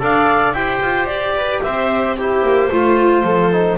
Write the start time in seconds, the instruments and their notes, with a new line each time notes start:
0.00 double bass D4, trombone A4, viola D5, clarinet F5
0.53 double bass E4, trombone G4, viola C5, clarinet G5
0.82 double bass F4
1.07 double bass G4, clarinet D5
1.36 viola B4
1.63 double bass C4, viola C5, clarinet E5
2.17 trombone E4, viola G4, clarinet C5
2.43 double bass A#3
2.72 double bass A3, viola F4, trombone F4
3.24 double bass F3, viola A4
3.52 trombone D#4